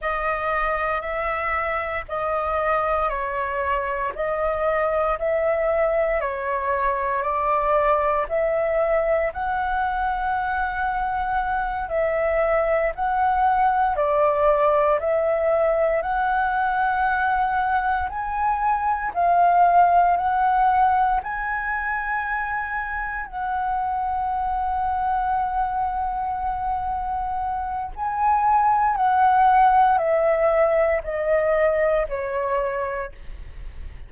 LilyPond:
\new Staff \with { instrumentName = "flute" } { \time 4/4 \tempo 4 = 58 dis''4 e''4 dis''4 cis''4 | dis''4 e''4 cis''4 d''4 | e''4 fis''2~ fis''8 e''8~ | e''8 fis''4 d''4 e''4 fis''8~ |
fis''4. gis''4 f''4 fis''8~ | fis''8 gis''2 fis''4.~ | fis''2. gis''4 | fis''4 e''4 dis''4 cis''4 | }